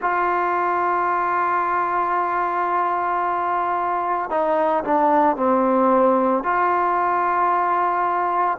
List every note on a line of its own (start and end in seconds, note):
0.01 4.30 F4
4.30 4.83 D#4
4.84 5.36 D4
5.36 6.43 C4
6.43 8.58 F4